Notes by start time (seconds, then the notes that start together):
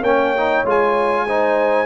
0.00 A#3 C#4 C#5 G5
0.36 D#4
0.65 G#3 F4 G#5
1.27 D#4 C5